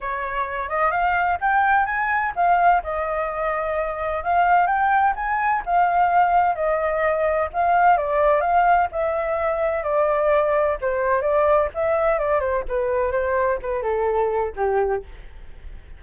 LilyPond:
\new Staff \with { instrumentName = "flute" } { \time 4/4 \tempo 4 = 128 cis''4. dis''8 f''4 g''4 | gis''4 f''4 dis''2~ | dis''4 f''4 g''4 gis''4 | f''2 dis''2 |
f''4 d''4 f''4 e''4~ | e''4 d''2 c''4 | d''4 e''4 d''8 c''8 b'4 | c''4 b'8 a'4. g'4 | }